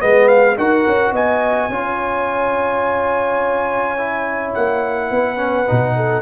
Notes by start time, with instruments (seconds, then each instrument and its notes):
0.00 tuba G#3, trombone B3, horn B4, trumpet D#5
0.28 trumpet F5
0.57 tuba D#4, trombone F#4, horn A#4, trumpet F#5
0.87 tuba C#4
1.12 tuba B3, horn D#5, trumpet G#5
1.70 tuba C#4, trombone F4, horn C#5
3.98 trombone E4
4.54 tuba A#3, trumpet F#5
5.09 tuba B3, horn B4
5.37 trombone C#4
5.68 tuba B2, trombone D#4
5.96 horn A4